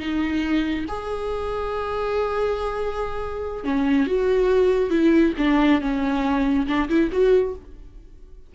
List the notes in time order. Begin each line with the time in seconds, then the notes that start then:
0.00 D#4
0.89 G#4
3.65 C#4
4.07 F#4
4.91 E4
5.38 D4
5.81 C#4
6.68 D4
6.89 E4
7.12 F#4